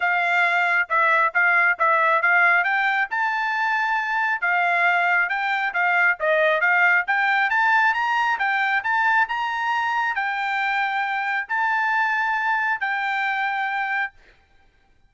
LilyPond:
\new Staff \with { instrumentName = "trumpet" } { \time 4/4 \tempo 4 = 136 f''2 e''4 f''4 | e''4 f''4 g''4 a''4~ | a''2 f''2 | g''4 f''4 dis''4 f''4 |
g''4 a''4 ais''4 g''4 | a''4 ais''2 g''4~ | g''2 a''2~ | a''4 g''2. | }